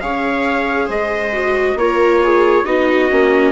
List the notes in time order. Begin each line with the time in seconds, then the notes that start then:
0.00 C#4 G#4 C#5 F5
0.86 G#3 C5 D#5
1.32 F#4
1.75 A#3 F4 A#4 C#5
2.23 G#4
2.64 B3 D#4 F#4 D#5
3.10 A#3 C#4